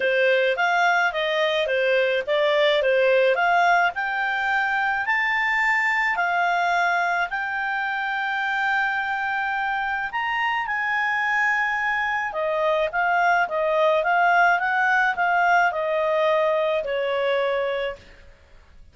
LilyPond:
\new Staff \with { instrumentName = "clarinet" } { \time 4/4 \tempo 4 = 107 c''4 f''4 dis''4 c''4 | d''4 c''4 f''4 g''4~ | g''4 a''2 f''4~ | f''4 g''2.~ |
g''2 ais''4 gis''4~ | gis''2 dis''4 f''4 | dis''4 f''4 fis''4 f''4 | dis''2 cis''2 | }